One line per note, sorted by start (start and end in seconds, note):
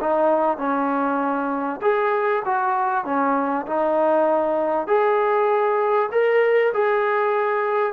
0.00 0.58 D#4
0.58 1.80 C#4
1.81 2.43 G#4
2.45 3.05 F#4
3.05 3.66 C#4
3.67 4.87 D#4
4.87 6.09 G#4
6.12 6.73 A#4
6.73 7.93 G#4